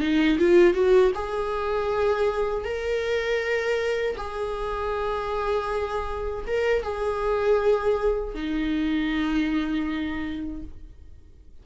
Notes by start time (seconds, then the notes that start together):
0.00 D#4
0.38 F4
0.74 F#4
1.15 G#4
2.64 A#4
4.17 G#4
6.47 A#4
6.83 G#4
8.34 D#4